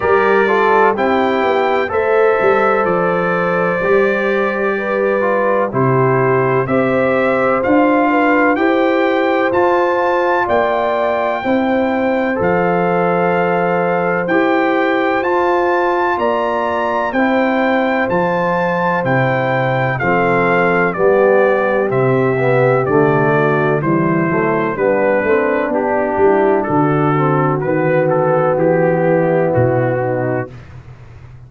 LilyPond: <<
  \new Staff \with { instrumentName = "trumpet" } { \time 4/4 \tempo 4 = 63 d''4 g''4 e''4 d''4~ | d''2 c''4 e''4 | f''4 g''4 a''4 g''4~ | g''4 f''2 g''4 |
a''4 ais''4 g''4 a''4 | g''4 f''4 d''4 e''4 | d''4 c''4 b'4 g'4 | a'4 b'8 a'8 g'4 fis'4 | }
  \new Staff \with { instrumentName = "horn" } { \time 4/4 ais'8 a'8 g'4 c''2~ | c''4 b'4 g'4 c''4~ | c''8 b'8 c''2 d''4 | c''1~ |
c''4 d''4 c''2~ | c''4 a'4 g'2~ | g'8 fis'8 e'4 d'4. e'8 | fis'2~ fis'8 e'4 dis'8 | }
  \new Staff \with { instrumentName = "trombone" } { \time 4/4 g'8 f'8 e'4 a'2 | g'4. f'8 e'4 g'4 | f'4 g'4 f'2 | e'4 a'2 g'4 |
f'2 e'4 f'4 | e'4 c'4 b4 c'8 b8 | a4 g8 a8 b8 c'8 d'4~ | d'8 c'8 b2. | }
  \new Staff \with { instrumentName = "tuba" } { \time 4/4 g4 c'8 b8 a8 g8 f4 | g2 c4 c'4 | d'4 e'4 f'4 ais4 | c'4 f2 e'4 |
f'4 ais4 c'4 f4 | c4 f4 g4 c4 | d4 e8 fis8 g8 a8 b8 g8 | d4 dis4 e4 b,4 | }
>>